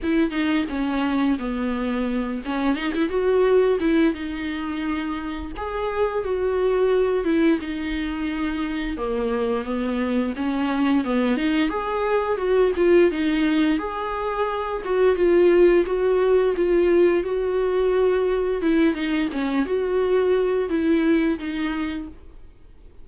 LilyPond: \new Staff \with { instrumentName = "viola" } { \time 4/4 \tempo 4 = 87 e'8 dis'8 cis'4 b4. cis'8 | dis'16 e'16 fis'4 e'8 dis'2 | gis'4 fis'4. e'8 dis'4~ | dis'4 ais4 b4 cis'4 |
b8 dis'8 gis'4 fis'8 f'8 dis'4 | gis'4. fis'8 f'4 fis'4 | f'4 fis'2 e'8 dis'8 | cis'8 fis'4. e'4 dis'4 | }